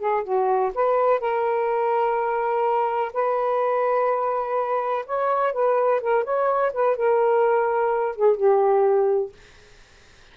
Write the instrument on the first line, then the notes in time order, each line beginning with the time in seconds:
saxophone
0.00 G#4
0.24 F#4
0.75 B4
1.20 A#4
3.13 B4
5.06 C#5
5.53 B4
6.01 A#4
6.24 C#5
6.73 B4
6.97 A#4
8.16 G#4
8.37 G4